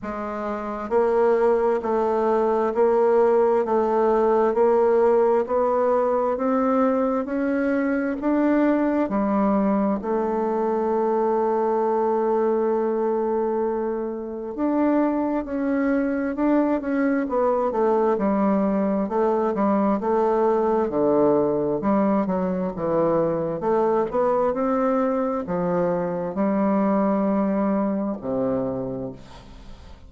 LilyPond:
\new Staff \with { instrumentName = "bassoon" } { \time 4/4 \tempo 4 = 66 gis4 ais4 a4 ais4 | a4 ais4 b4 c'4 | cis'4 d'4 g4 a4~ | a1 |
d'4 cis'4 d'8 cis'8 b8 a8 | g4 a8 g8 a4 d4 | g8 fis8 e4 a8 b8 c'4 | f4 g2 c4 | }